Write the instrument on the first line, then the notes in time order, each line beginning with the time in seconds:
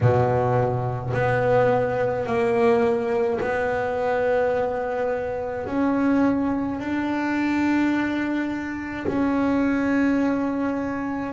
double bass
0.01 B2
1.13 B3
2.26 A#3
3.40 B3
5.66 C#4
6.79 D4
9.07 C#4